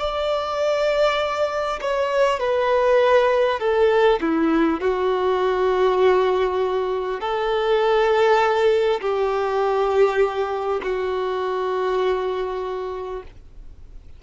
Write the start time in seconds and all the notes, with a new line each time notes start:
0.00 D5
1.81 C#5
2.40 B4
3.60 A4
4.21 E4
4.81 F#4
7.21 A4
9.01 G4
10.83 F#4